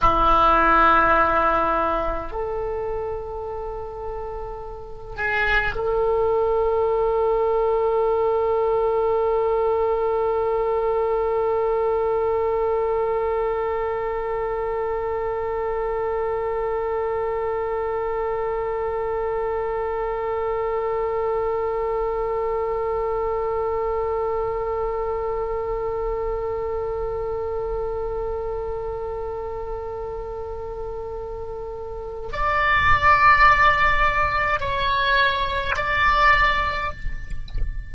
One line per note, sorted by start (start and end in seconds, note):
0.01 2.31 E4
2.31 5.16 A4
5.16 5.74 G#4
5.75 32.29 A4
32.32 34.59 D5
34.59 35.75 C#5
35.76 36.91 D5